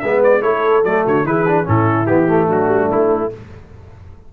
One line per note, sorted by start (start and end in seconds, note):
0.00 0.43 G#3
0.00 0.41 B3
0.00 0.40 B4
0.00 0.21 E5
0.23 0.42 D5
0.40 0.83 A3
0.40 0.82 E4
0.40 1.02 A4
0.40 0.83 C#5
0.83 1.04 F#3
0.83 1.26 A3
0.83 1.05 D5
1.05 1.24 D3
1.05 1.25 F#4
1.05 1.26 C#5
1.24 1.65 E3
1.24 1.46 E4
1.24 1.67 G#4
1.24 1.67 B4
1.48 1.64 D4
1.64 2.08 A2
1.64 2.05 C#4
1.64 2.47 E4
1.64 2.06 A4
2.06 2.49 E3
2.06 2.27 B3
2.06 2.47 G4
2.27 3.30 A3
2.47 2.67 F#3
2.47 3.29 D4
2.47 2.91 F#4
2.67 2.88 G3
2.91 3.33 A3
2.91 3.32 E4